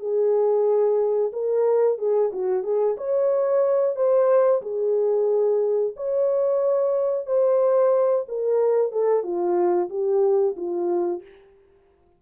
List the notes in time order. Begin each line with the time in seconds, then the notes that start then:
0.00 G#4
1.32 A#4
1.98 G#4
2.32 F#4
2.63 G#4
2.97 C#5
3.96 C5
4.62 G#4
5.96 C#5
7.26 C5
8.28 A#4
8.92 A4
9.23 F4
9.89 G4
10.56 F4